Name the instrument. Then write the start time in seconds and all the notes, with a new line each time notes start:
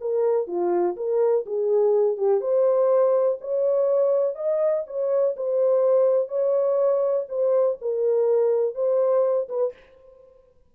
horn
0.00 A#4
0.47 F4
0.96 A#4
1.46 G#4
2.17 G4
2.41 C5
3.41 C#5
4.35 D#5
4.86 C#5
5.36 C5
6.28 C#5
7.29 C5
7.81 A#4
8.74 C5
9.49 B4